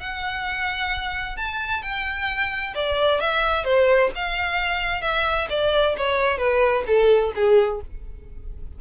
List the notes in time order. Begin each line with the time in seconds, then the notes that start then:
0.00 F#5
1.37 A5
1.82 G5
2.75 D5
3.20 E5
3.65 C5
4.16 F5
5.02 E5
5.50 D5
5.97 C#5
6.38 B4
6.87 A4
7.35 G#4